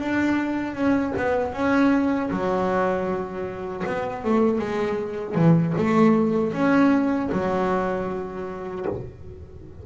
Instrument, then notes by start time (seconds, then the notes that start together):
double bass
0.00 D4
0.75 C#4
1.17 B3
1.53 C#4
2.30 F#3
3.87 B3
4.24 A3
4.59 G#3
5.35 E3
5.78 A3
6.53 C#4
7.32 F#3